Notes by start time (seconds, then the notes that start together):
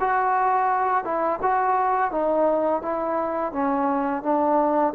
0.00 F#4
1.04 E4
1.42 F#4
2.11 D#4
2.82 E4
3.52 C#4
4.23 D4